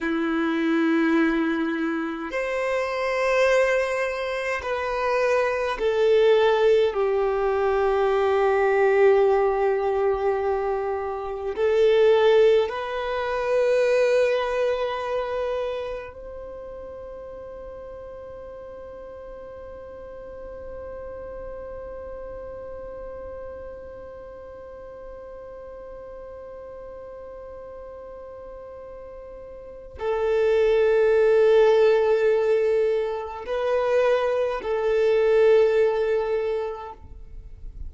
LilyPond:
\new Staff \with { instrumentName = "violin" } { \time 4/4 \tempo 4 = 52 e'2 c''2 | b'4 a'4 g'2~ | g'2 a'4 b'4~ | b'2 c''2~ |
c''1~ | c''1~ | c''2 a'2~ | a'4 b'4 a'2 | }